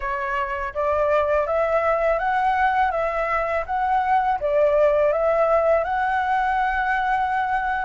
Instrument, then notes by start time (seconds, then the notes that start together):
flute
0.00 C#5
0.74 D5
1.46 E5
2.19 F#5
2.91 E5
3.66 F#5
4.40 D5
5.12 E5
5.84 F#5